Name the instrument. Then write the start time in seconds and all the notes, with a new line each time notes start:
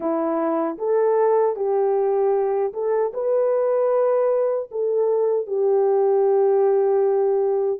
horn
0.00 E4
0.78 A4
1.56 G4
2.73 A4
3.13 B4
4.71 A4
5.47 G4